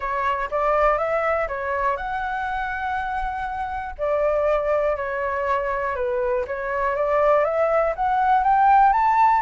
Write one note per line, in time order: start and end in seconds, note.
0.00 0.49 C#5
0.50 0.98 D5
0.98 1.47 E5
1.48 1.97 C#5
1.97 3.95 F#5
3.98 4.96 D5
4.96 5.95 C#5
5.95 6.45 B4
6.47 6.95 C#5
6.95 7.44 D5
7.44 7.93 E5
7.95 8.43 F#5
8.43 8.93 G5
8.93 9.41 A5